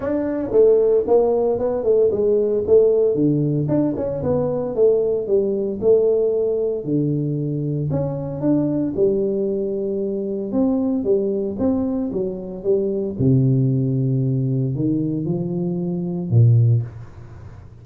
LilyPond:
\new Staff \with { instrumentName = "tuba" } { \time 4/4 \tempo 4 = 114 d'4 a4 ais4 b8 a8 | gis4 a4 d4 d'8 cis'8 | b4 a4 g4 a4~ | a4 d2 cis'4 |
d'4 g2. | c'4 g4 c'4 fis4 | g4 c2. | dis4 f2 ais,4 | }